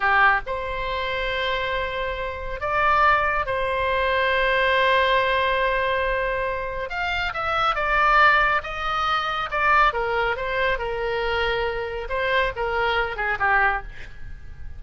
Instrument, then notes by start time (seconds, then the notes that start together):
oboe
0.00 G4
0.46 C5
2.60 D5
3.46 C5
6.89 F5
7.33 E5
7.75 D5
8.63 D#5
9.50 D5
9.93 A#4
10.36 C5
10.78 A#4
12.09 C5
12.56 A#4
13.16 G#4
13.39 G4